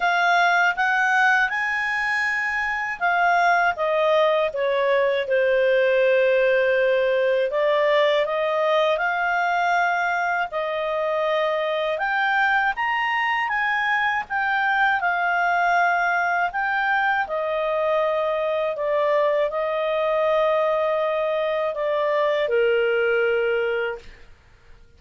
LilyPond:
\new Staff \with { instrumentName = "clarinet" } { \time 4/4 \tempo 4 = 80 f''4 fis''4 gis''2 | f''4 dis''4 cis''4 c''4~ | c''2 d''4 dis''4 | f''2 dis''2 |
g''4 ais''4 gis''4 g''4 | f''2 g''4 dis''4~ | dis''4 d''4 dis''2~ | dis''4 d''4 ais'2 | }